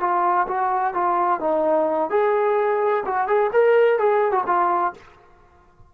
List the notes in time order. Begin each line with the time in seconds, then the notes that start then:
0.00 F4
0.48 F#4
0.94 F4
1.40 D#4
2.10 G#4
3.06 F#4
3.27 G#4
3.53 A#4
3.99 G#4
4.32 F#4
4.46 F4